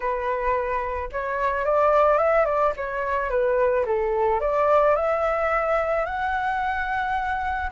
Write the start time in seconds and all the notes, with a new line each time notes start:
0.00 B4
1.12 C#5
1.65 D5
2.18 E5
2.45 D5
2.76 C#5
3.30 B4
3.85 A4
4.40 D5
4.95 E5
6.05 F#5